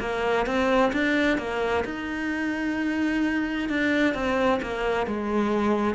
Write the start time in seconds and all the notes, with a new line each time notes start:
0.00 A#3
0.46 C4
0.93 D4
1.38 A#3
1.85 D#4
3.69 D4
4.15 C4
4.62 A#3
5.07 G#3